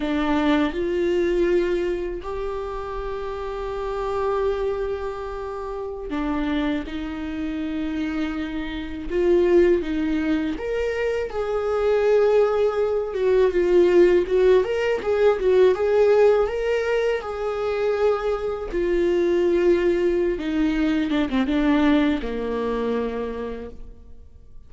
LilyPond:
\new Staff \with { instrumentName = "viola" } { \time 4/4 \tempo 4 = 81 d'4 f'2 g'4~ | g'1~ | g'16 d'4 dis'2~ dis'8.~ | dis'16 f'4 dis'4 ais'4 gis'8.~ |
gis'4.~ gis'16 fis'8 f'4 fis'8 ais'16~ | ais'16 gis'8 fis'8 gis'4 ais'4 gis'8.~ | gis'4~ gis'16 f'2~ f'16 dis'8~ | dis'8 d'16 c'16 d'4 ais2 | }